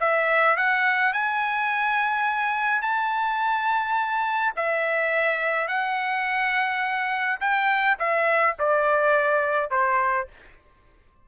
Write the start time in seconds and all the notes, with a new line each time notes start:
0.00 E5
0.57 F#5
1.13 G#5
2.82 A5
4.56 E5
5.68 F#5
7.40 G5
7.99 E5
8.59 D5
9.70 C5